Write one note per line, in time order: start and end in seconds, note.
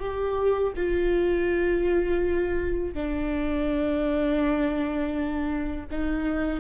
0.00 0.73 G4
0.76 2.94 F4
2.94 5.87 D4
5.91 6.60 D#4